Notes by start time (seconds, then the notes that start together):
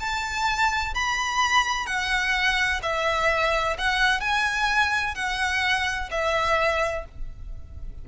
0.00 A5
0.95 B5
1.87 F#5
2.83 E5
3.78 F#5
4.21 G#5
5.15 F#5
6.11 E5